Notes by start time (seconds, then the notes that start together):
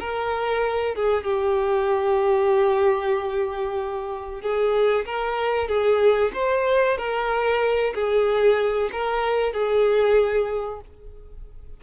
0.00 A#4
0.95 G#4
1.24 G4
4.42 G#4
5.06 A#4
5.68 G#4
6.34 C5
6.98 A#4
7.95 G#4
8.92 A#4
9.53 G#4